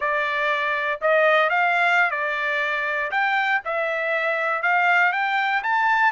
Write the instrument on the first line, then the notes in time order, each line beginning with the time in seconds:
trumpet
0.00 D5
1.01 D#5
1.49 F5
2.10 D5
3.11 G5
3.64 E5
4.62 F5
5.12 G5
5.62 A5